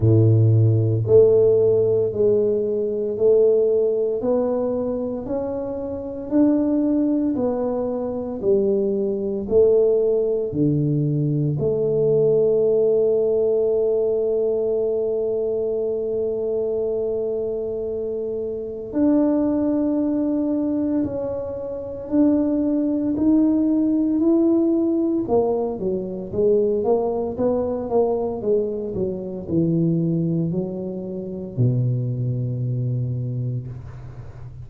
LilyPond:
\new Staff \with { instrumentName = "tuba" } { \time 4/4 \tempo 4 = 57 a,4 a4 gis4 a4 | b4 cis'4 d'4 b4 | g4 a4 d4 a4~ | a1~ |
a2 d'2 | cis'4 d'4 dis'4 e'4 | ais8 fis8 gis8 ais8 b8 ais8 gis8 fis8 | e4 fis4 b,2 | }